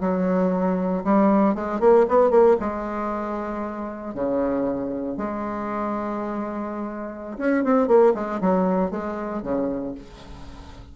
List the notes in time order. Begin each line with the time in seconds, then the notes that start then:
0.00 F#3
1.04 G3
1.54 G#3
1.80 A#3
2.08 B3
2.30 A#3
2.60 G#3
4.14 C#3
5.17 G#3
7.38 C#4
7.64 C4
7.87 A#3
8.14 G#3
8.41 F#3
8.90 G#3
9.42 C#3